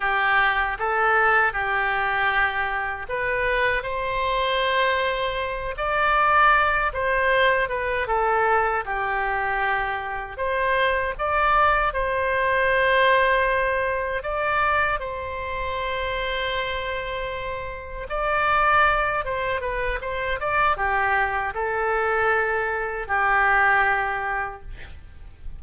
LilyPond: \new Staff \with { instrumentName = "oboe" } { \time 4/4 \tempo 4 = 78 g'4 a'4 g'2 | b'4 c''2~ c''8 d''8~ | d''4 c''4 b'8 a'4 g'8~ | g'4. c''4 d''4 c''8~ |
c''2~ c''8 d''4 c''8~ | c''2.~ c''8 d''8~ | d''4 c''8 b'8 c''8 d''8 g'4 | a'2 g'2 | }